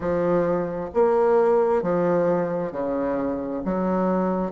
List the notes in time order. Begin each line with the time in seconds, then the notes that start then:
0.00 F3
0.94 A#3
1.82 F3
2.71 C#3
3.64 F#3